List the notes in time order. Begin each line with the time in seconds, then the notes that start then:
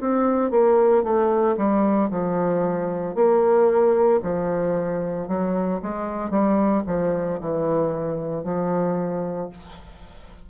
0.00 C4
0.50 A#3
1.03 A3
1.56 G3
2.10 F3
3.14 A#3
4.22 F3
5.27 F#3
5.81 G#3
6.30 G3
6.86 F3
7.40 E3
8.43 F3